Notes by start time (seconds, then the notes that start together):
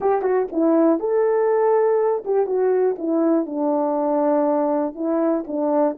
0.00 G4
0.22 F#4
0.52 E4
0.99 A4
2.24 G4
2.46 F#4
2.98 E4
3.46 D4
4.95 E4
5.47 D4